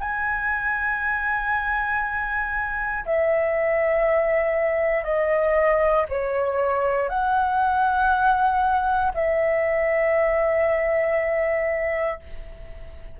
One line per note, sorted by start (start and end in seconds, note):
0.00 3.05 G#5
3.06 5.04 E5
5.04 6.06 D#5
6.09 7.09 C#5
7.09 9.12 F#5
9.14 12.19 E5